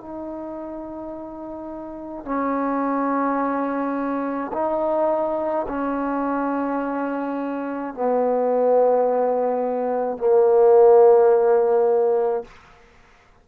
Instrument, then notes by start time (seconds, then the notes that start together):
trombone
0.00 D#4
2.24 C#4
4.53 D#4
5.68 C#4
7.94 B3
10.18 A#3